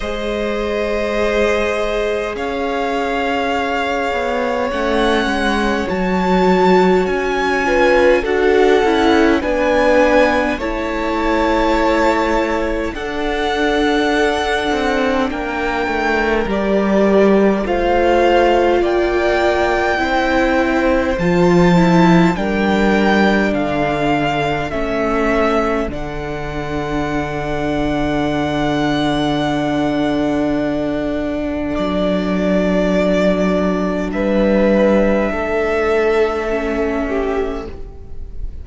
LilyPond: <<
  \new Staff \with { instrumentName = "violin" } { \time 4/4 \tempo 4 = 51 dis''2 f''2 | fis''4 a''4 gis''4 fis''4 | gis''4 a''2 fis''4~ | fis''4 g''4 d''4 f''4 |
g''2 a''4 g''4 | f''4 e''4 fis''2~ | fis''2. d''4~ | d''4 e''2. | }
  \new Staff \with { instrumentName = "violin" } { \time 4/4 c''2 cis''2~ | cis''2~ cis''8 b'8 a'4 | b'4 cis''2 a'4~ | a'4 ais'2 c''4 |
d''4 c''2 ais'4 | a'1~ | a'1~ | a'4 b'4 a'4. g'8 | }
  \new Staff \with { instrumentName = "viola" } { \time 4/4 gis'1 | cis'4 fis'4. f'8 fis'8 e'8 | d'4 e'2 d'4~ | d'2 g'4 f'4~ |
f'4 e'4 f'8 e'8 d'4~ | d'4 cis'4 d'2~ | d'1~ | d'2. cis'4 | }
  \new Staff \with { instrumentName = "cello" } { \time 4/4 gis2 cis'4. b8 | a8 gis8 fis4 cis'4 d'8 cis'8 | b4 a2 d'4~ | d'8 c'8 ais8 a8 g4 a4 |
ais4 c'4 f4 g4 | d4 a4 d2~ | d2. fis4~ | fis4 g4 a2 | }
>>